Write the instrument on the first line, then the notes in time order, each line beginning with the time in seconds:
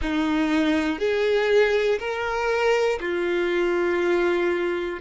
violin
0.01 D#4
0.98 G#4
1.99 A#4
3.00 F4